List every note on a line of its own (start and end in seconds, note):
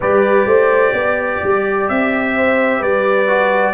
0.00 0.45 G3
0.00 3.27 G4
0.00 0.47 B4
0.00 1.88 D5
0.45 0.92 A3
0.45 0.91 C5
0.91 1.40 B3
0.91 2.31 D5
1.43 1.89 G3
1.88 2.81 C4
1.88 2.82 E5
2.36 2.79 C5
2.79 3.73 G3
2.79 3.73 B4
2.79 3.73 D5
3.27 3.73 F#4